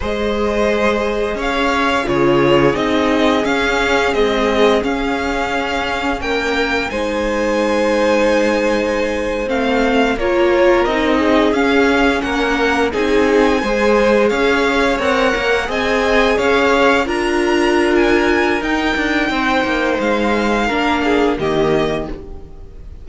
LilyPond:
<<
  \new Staff \with { instrumentName = "violin" } { \time 4/4 \tempo 4 = 87 dis''2 f''4 cis''4 | dis''4 f''4 dis''4 f''4~ | f''4 g''4 gis''2~ | gis''4.~ gis''16 f''4 cis''4 dis''16~ |
dis''8. f''4 fis''4 gis''4~ gis''16~ | gis''8. f''4 fis''4 gis''4 f''16~ | f''8. ais''4~ ais''16 gis''4 g''4~ | g''4 f''2 dis''4 | }
  \new Staff \with { instrumentName = "violin" } { \time 4/4 c''2 cis''4 gis'4~ | gis'1~ | gis'4 ais'4 c''2~ | c''2~ c''8. ais'4~ ais'16~ |
ais'16 gis'4. ais'4 gis'4 c''16~ | c''8. cis''2 dis''4 cis''16~ | cis''8. ais'2.~ ais'16 | c''2 ais'8 gis'8 g'4 | }
  \new Staff \with { instrumentName = "viola" } { \time 4/4 gis'2. f'4 | dis'4 cis'4 gis4 cis'4~ | cis'2 dis'2~ | dis'4.~ dis'16 c'4 f'4 dis'16~ |
dis'8. cis'2 dis'4 gis'16~ | gis'4.~ gis'16 ais'4 gis'4~ gis'16~ | gis'8. f'2~ f'16 dis'4~ | dis'2 d'4 ais4 | }
  \new Staff \with { instrumentName = "cello" } { \time 4/4 gis2 cis'4 cis4 | c'4 cis'4 c'4 cis'4~ | cis'4 ais4 gis2~ | gis4.~ gis16 a4 ais4 c'16~ |
c'8. cis'4 ais4 c'4 gis16~ | gis8. cis'4 c'8 ais8 c'4 cis'16~ | cis'8. d'2~ d'16 dis'8 d'8 | c'8 ais8 gis4 ais4 dis4 | }
>>